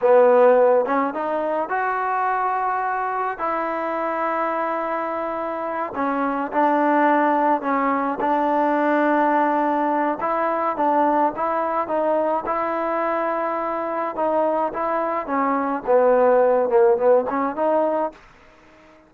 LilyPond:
\new Staff \with { instrumentName = "trombone" } { \time 4/4 \tempo 4 = 106 b4. cis'8 dis'4 fis'4~ | fis'2 e'2~ | e'2~ e'8 cis'4 d'8~ | d'4. cis'4 d'4.~ |
d'2 e'4 d'4 | e'4 dis'4 e'2~ | e'4 dis'4 e'4 cis'4 | b4. ais8 b8 cis'8 dis'4 | }